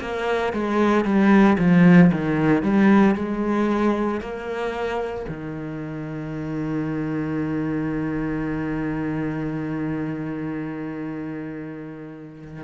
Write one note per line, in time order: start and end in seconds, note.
0.00 0.53 A#3
0.53 1.04 G#3
1.04 1.57 G3
1.58 2.11 F3
2.11 2.63 D#3
2.63 3.15 G3
3.15 4.20 G#3
4.21 5.26 A#3
5.28 12.64 D#3